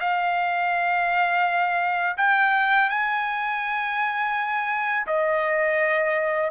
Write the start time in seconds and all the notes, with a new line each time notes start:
0.00 F5
2.17 G5
2.89 G#5
5.07 D#5